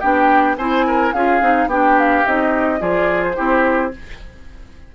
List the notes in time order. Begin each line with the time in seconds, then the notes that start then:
0.00 B3 D4 G4 G5
0.57 C4 E4 C5 G#5
0.87 A#4
1.13 C#4 F4 G#4 F5
1.41 C4 D#4
1.67 B3 D4 G4 G5
1.99 F5
2.25 C4 D#4 D#5
2.79 F3 F4 G#4 D5
3.23 C5
3.35 C4 E4 G4